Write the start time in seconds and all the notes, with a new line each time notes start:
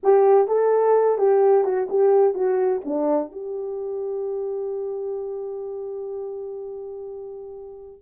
0.03 G4
0.47 A4
1.17 G4
1.64 F#4
1.89 G4
2.34 F#4
2.84 D4
3.32 G4